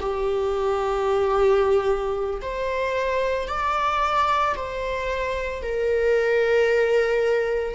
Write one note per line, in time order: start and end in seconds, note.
0.00 2.41 G4
2.42 3.48 C5
3.48 4.55 D5
4.56 5.62 C5
5.62 7.75 A#4